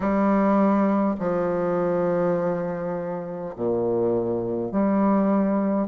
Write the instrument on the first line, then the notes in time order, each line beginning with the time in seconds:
bassoon
0.00 G3
1.19 F3
3.55 A#2
4.71 G3